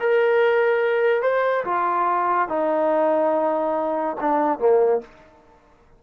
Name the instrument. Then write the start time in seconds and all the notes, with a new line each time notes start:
trombone
0.00 A#4
1.22 C5
1.65 F4
2.49 D#4
4.20 D4
4.59 A#3